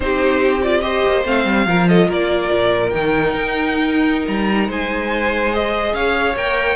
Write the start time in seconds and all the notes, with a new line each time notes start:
0.00 C4 D#4 G4 C5
0.62 F4 D5
0.81 G4 C5 D#5
1.06 A#3
1.25 A3 C4 F5
1.45 G3
1.66 F3 F4 A#4
1.88 A4 D#5
2.08 A#3 A#4 D5
2.51 A#2
2.90 D#3 D#4 G5
3.34 D#4
4.27 G3 A#5
4.68 G#3 C5 G#5
5.51 G#4 D#5
5.93 C#4 C#5 F5
6.36 A#3 A#4 G5